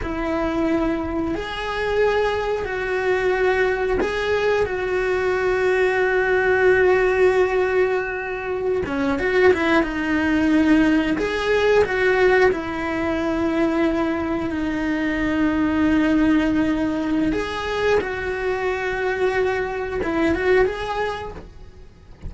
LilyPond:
\new Staff \with { instrumentName = "cello" } { \time 4/4 \tempo 4 = 90 e'2 gis'2 | fis'2 gis'4 fis'4~ | fis'1~ | fis'4~ fis'16 cis'8 fis'8 e'8 dis'4~ dis'16~ |
dis'8. gis'4 fis'4 e'4~ e'16~ | e'4.~ e'16 dis'2~ dis'16~ | dis'2 gis'4 fis'4~ | fis'2 e'8 fis'8 gis'4 | }